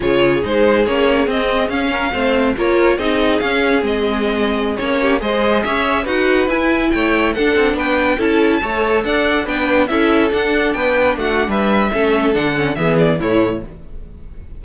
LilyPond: <<
  \new Staff \with { instrumentName = "violin" } { \time 4/4 \tempo 4 = 141 cis''4 c''4 cis''4 dis''4 | f''2 cis''4 dis''4 | f''4 dis''2~ dis''16 cis''8.~ | cis''16 dis''4 e''4 fis''4 gis''8.~ |
gis''16 g''4 fis''4 g''4 a''8.~ | a''4~ a''16 fis''4 g''4 e''8.~ | e''16 fis''4 g''4 fis''8. e''4~ | e''4 fis''4 e''8 d''8 cis''4 | }
  \new Staff \with { instrumentName = "violin" } { \time 4/4 gis'1~ | gis'8 ais'8 c''4 ais'4 gis'4~ | gis'2.~ gis'8. g'16~ | g'16 c''4 cis''4 b'4.~ b'16~ |
b'16 cis''4 a'4 b'4 a'8.~ | a'16 cis''4 d''4 b'4 a'8.~ | a'4~ a'16 b'4 fis'8. b'4 | a'2 gis'4 e'4 | }
  \new Staff \with { instrumentName = "viola" } { \time 4/4 f'4 dis'4 cis'4 c'4 | cis'4 c'4 f'4 dis'4 | cis'4 c'2~ c'16 cis'8.~ | cis'16 gis'2 fis'4 e'8.~ |
e'4~ e'16 d'2 e'8.~ | e'16 a'2 d'4 e'8.~ | e'16 d'2.~ d'8. | cis'4 d'8 cis'8 b4 a4 | }
  \new Staff \with { instrumentName = "cello" } { \time 4/4 cis4 gis4 ais4 c'4 | cis'4 a4 ais4 c'4 | cis'4 gis2~ gis16 ais8.~ | ais16 gis4 cis'4 dis'4 e'8.~ |
e'16 a4 d'8 c'8 b4 cis'8.~ | cis'16 a4 d'4 b4 cis'8.~ | cis'16 d'4 b4 a8. g4 | a4 d4 e4 a,4 | }
>>